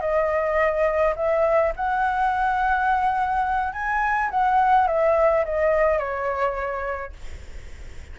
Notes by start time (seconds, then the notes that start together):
0.00 D#5
1.16 E5
1.76 F#5
3.72 G#5
4.30 F#5
4.87 E5
5.45 D#5
5.98 C#5